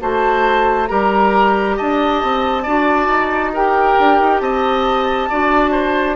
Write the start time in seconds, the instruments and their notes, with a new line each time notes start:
0.00 bassoon A3, clarinet F#4, oboe C5, flute A5
0.87 bassoon G3, clarinet G4, oboe A#4, flute A#5
1.76 bassoon D4, oboe D#5, flute A5
2.23 bassoon C4
2.63 bassoon D4, clarinet F#4, oboe D5
3.07 bassoon D#4
3.53 clarinet G4, oboe A#4, flute G5
3.99 bassoon D4
4.20 bassoon D#4
4.40 bassoon C4, oboe D#5, flute A5
5.29 bassoon D4, clarinet F#4, oboe D5
5.71 oboe C5